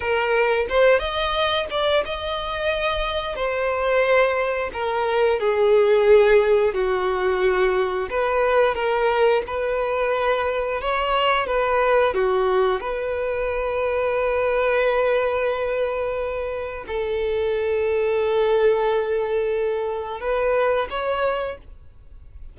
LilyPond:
\new Staff \with { instrumentName = "violin" } { \time 4/4 \tempo 4 = 89 ais'4 c''8 dis''4 d''8 dis''4~ | dis''4 c''2 ais'4 | gis'2 fis'2 | b'4 ais'4 b'2 |
cis''4 b'4 fis'4 b'4~ | b'1~ | b'4 a'2.~ | a'2 b'4 cis''4 | }